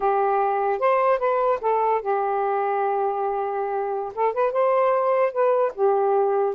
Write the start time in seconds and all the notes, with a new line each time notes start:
0.00 G4
0.79 C5
1.18 B4
1.61 A4
2.01 G4
4.14 A4
4.33 B4
4.52 C5
5.32 B4
5.74 G4